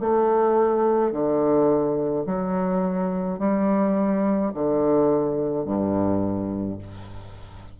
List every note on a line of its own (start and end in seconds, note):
0.00 1.12 A3
1.12 2.25 D3
2.26 3.39 F#3
3.39 4.52 G3
4.54 5.66 D3
5.66 6.79 G2